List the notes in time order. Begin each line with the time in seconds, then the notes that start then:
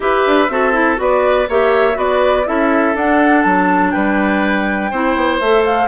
0.00 E4 G4 B4 E5
0.26 D4
0.49 C4 F#4 A4
0.73 E4
0.96 B3 F#4 B4 D5
1.48 A#3 G4 C#5 E5
1.93 B3 F#4 B4 D5
2.46 C#4 E4 A4 E5
2.94 D4 F#5
3.42 F#3 A5
3.91 G3 B4 G5
4.90 C4 E4 C5
5.16 B3
5.39 A3 A4 E5
5.65 F5